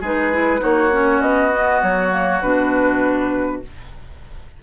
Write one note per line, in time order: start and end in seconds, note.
0.00 0.60 G#3
0.00 0.32 D#4
0.00 0.60 G#4
0.00 0.62 B4
0.32 0.59 E4
0.59 1.21 A#3
0.59 0.89 D#4
0.59 3.61 F#4
0.59 1.21 C#5
0.91 1.51 C#4
1.21 1.81 B3
1.21 1.81 D#5
1.51 2.10 B3
1.81 2.42 F#3
1.81 2.41 C#5
2.10 2.40 A#3
2.42 3.62 B2
2.42 3.62 D4
2.42 3.62 B4